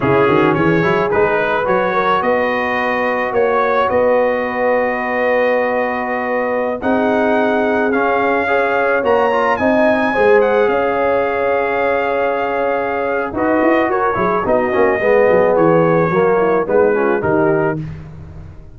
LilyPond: <<
  \new Staff \with { instrumentName = "trumpet" } { \time 4/4 \tempo 4 = 108 gis'4 cis''4 b'4 cis''4 | dis''2 cis''4 dis''4~ | dis''1~ | dis''16 fis''2 f''4.~ f''16~ |
f''16 ais''4 gis''4. fis''8 f''8.~ | f''1 | dis''4 cis''4 dis''2 | cis''2 b'4 ais'4 | }
  \new Staff \with { instrumentName = "horn" } { \time 4/4 e'8 fis'8 gis'4. b'4 ais'8 | b'2 cis''4 b'4~ | b'1~ | b'16 gis'2. cis''8.~ |
cis''4~ cis''16 dis''4 c''4 cis''8.~ | cis''1 | b'4 ais'8 gis'8 fis'4 gis'4~ | gis'4 fis'8 e'8 dis'8 f'8 g'4 | }
  \new Staff \with { instrumentName = "trombone" } { \time 4/4 cis'4. e'8 dis'4 fis'4~ | fis'1~ | fis'1~ | fis'16 dis'2 cis'4 gis'8.~ |
gis'16 fis'8 f'8 dis'4 gis'4.~ gis'16~ | gis'1 | fis'4. e'8 dis'8 cis'8 b4~ | b4 ais4 b8 cis'8 dis'4 | }
  \new Staff \with { instrumentName = "tuba" } { \time 4/4 cis8 dis8 e8 fis8 gis4 fis4 | b2 ais4 b4~ | b1~ | b16 c'2 cis'4.~ cis'16~ |
cis'16 ais4 c'4 gis4 cis'8.~ | cis'1 | dis'8 e'8 fis'8 fis8 b8 ais8 gis8 fis8 | e4 fis4 gis4 dis4 | }
>>